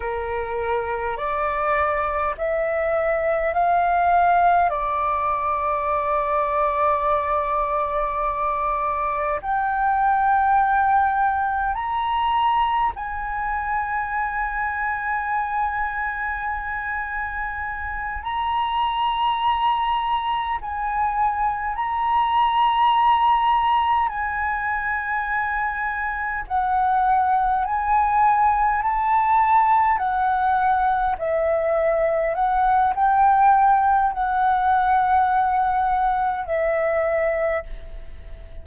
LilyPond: \new Staff \with { instrumentName = "flute" } { \time 4/4 \tempo 4 = 51 ais'4 d''4 e''4 f''4 | d''1 | g''2 ais''4 gis''4~ | gis''2.~ gis''8 ais''8~ |
ais''4. gis''4 ais''4.~ | ais''8 gis''2 fis''4 gis''8~ | gis''8 a''4 fis''4 e''4 fis''8 | g''4 fis''2 e''4 | }